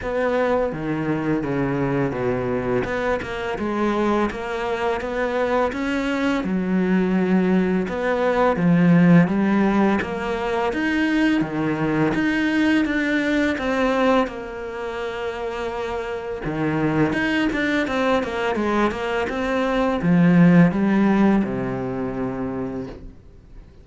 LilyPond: \new Staff \with { instrumentName = "cello" } { \time 4/4 \tempo 4 = 84 b4 dis4 cis4 b,4 | b8 ais8 gis4 ais4 b4 | cis'4 fis2 b4 | f4 g4 ais4 dis'4 |
dis4 dis'4 d'4 c'4 | ais2. dis4 | dis'8 d'8 c'8 ais8 gis8 ais8 c'4 | f4 g4 c2 | }